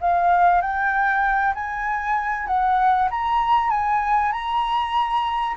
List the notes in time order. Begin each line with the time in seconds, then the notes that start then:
0.00 F5
0.61 G5
1.54 G#5
2.47 F#5
3.10 A#5
3.70 G#5
4.32 A#5